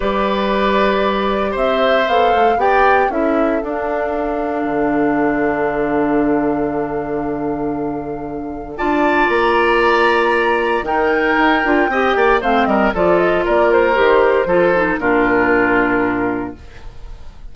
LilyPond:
<<
  \new Staff \with { instrumentName = "flute" } { \time 4/4 \tempo 4 = 116 d''2. e''4 | f''4 g''4 e''4 f''4~ | f''1~ | f''1~ |
f''4 a''4 ais''2~ | ais''4 g''2. | f''8 dis''8 d''8 dis''8 d''8 c''4.~ | c''4 ais'2. | }
  \new Staff \with { instrumentName = "oboe" } { \time 4/4 b'2. c''4~ | c''4 d''4 a'2~ | a'1~ | a'1~ |
a'4 d''2.~ | d''4 ais'2 dis''8 d''8 | c''8 ais'8 a'4 ais'2 | a'4 f'2. | }
  \new Staff \with { instrumentName = "clarinet" } { \time 4/4 g'1 | a'4 g'4 e'4 d'4~ | d'1~ | d'1~ |
d'4 f'2.~ | f'4 dis'4. f'8 g'4 | c'4 f'2 g'4 | f'8 dis'8 d'2. | }
  \new Staff \with { instrumentName = "bassoon" } { \time 4/4 g2. c'4 | b8 a8 b4 cis'4 d'4~ | d'4 d2.~ | d1~ |
d4 d'4 ais2~ | ais4 dis4 dis'8 d'8 c'8 ais8 | a8 g8 f4 ais4 dis4 | f4 ais,2. | }
>>